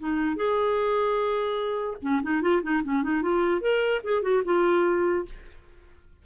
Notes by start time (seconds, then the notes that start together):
0.00 D#4
0.36 G#4
2.02 C#4
2.23 D#4
2.42 F4
2.63 D#4
2.84 C#4
3.03 D#4
3.23 F4
3.61 A#4
4.04 G#4
4.23 F#4
4.45 F4